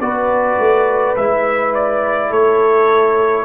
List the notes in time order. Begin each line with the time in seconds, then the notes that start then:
0.00 B3 F#4 B4 D5
0.58 A3
1.16 G#3 E4 E5
1.74 D5
2.29 A3 A4 C#5